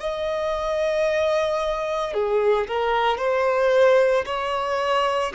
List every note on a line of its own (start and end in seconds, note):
0.00 2.14 D#5
2.14 2.67 G#4
2.67 3.18 A#4
3.18 4.25 C5
4.26 5.33 C#5